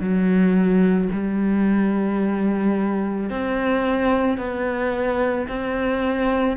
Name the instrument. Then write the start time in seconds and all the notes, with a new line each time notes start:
cello
0.00 F#3
1.13 G3
3.30 C4
4.38 B3
5.48 C4